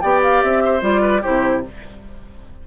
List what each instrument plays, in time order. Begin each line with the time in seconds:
0.00 bassoon B3, clarinet G4, oboe D5, flute G5
0.23 flute F5
0.42 bassoon C4, flute E5
0.64 oboe C5
0.80 bassoon G3, clarinet F4, flute D5
1.01 oboe B4
1.21 bassoon C3, clarinet E4, oboe G4, flute C5